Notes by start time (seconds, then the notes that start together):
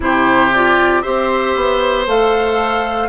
0.00 C3 E4 G4 C5
0.53 F4 D5
1.02 C4 G4 C5 E5
1.55 B3
2.06 A3 A4 F5